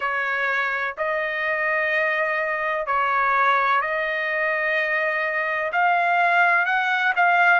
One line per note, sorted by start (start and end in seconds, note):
0.00 0.95 C#5
0.97 2.86 D#5
2.86 3.81 C#5
3.81 5.71 D#5
5.72 6.65 F5
6.65 7.13 F#5
7.16 7.60 F5